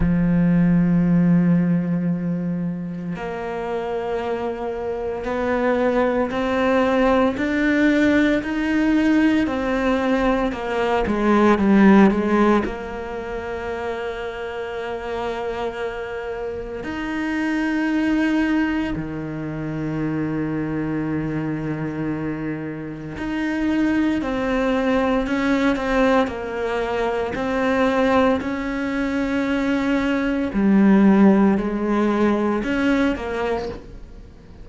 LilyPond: \new Staff \with { instrumentName = "cello" } { \time 4/4 \tempo 4 = 57 f2. ais4~ | ais4 b4 c'4 d'4 | dis'4 c'4 ais8 gis8 g8 gis8 | ais1 |
dis'2 dis2~ | dis2 dis'4 c'4 | cis'8 c'8 ais4 c'4 cis'4~ | cis'4 g4 gis4 cis'8 ais8 | }